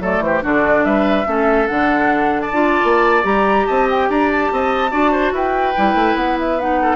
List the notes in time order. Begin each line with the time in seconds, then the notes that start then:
0.00 F#3 A3 A4 D5
0.19 E3 C5
0.26 G4
0.42 D3 D4 F#4 D5
0.84 G3 B4 E5
1.26 A3 C#4 A4
1.67 D3 D4 F#5
2.40 D5 A5
2.51 D4 F4
2.83 A#3
3.22 G3 G4 A#5
3.66 C4 D#5 A5
3.90 G5
4.09 D4 D5 A#5
4.31 A5
4.51 C4 D#5
4.90 D4 F#4 D5
5.11 C5
5.32 E4 B4 G5
5.76 G3 E4
5.94 A3
6.14 B3 F#5
6.39 E5
6.59 D#4 F#5
6.81 A4